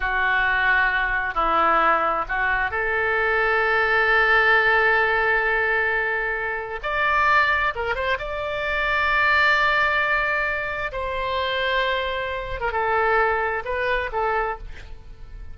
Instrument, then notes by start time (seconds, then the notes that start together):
oboe
0.00 F#4
1.34 E4
2.28 F#4
2.70 A4
6.82 D5
7.75 A#4
7.95 C5
8.18 D5
10.92 C5
12.60 A#4
12.72 A4
13.64 B4
14.12 A4